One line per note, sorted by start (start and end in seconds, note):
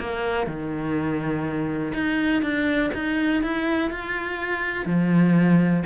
0.00 0.47 A#3
0.47 1.94 D#3
1.94 2.43 D#4
2.43 2.91 D4
2.94 3.43 D#4
3.43 3.91 E4
3.91 4.86 F4
4.86 5.83 F3